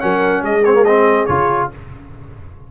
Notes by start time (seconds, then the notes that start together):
0.00 F#3 C#4 A#4 F#5
0.42 G#3 G#4 D#5
0.65 C4 C#5
0.74 A#3
0.85 C4 D#5
1.26 C#3 F4 C#5